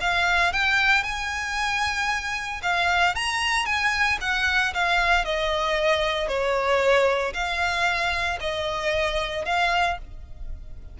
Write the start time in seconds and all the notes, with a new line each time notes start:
0.00 F5
0.52 G5
1.03 G#5
2.62 F5
3.15 A#5
3.65 G#5
4.21 F#5
4.73 F5
5.25 D#5
6.28 C#5
7.33 F5
8.40 D#5
9.45 F5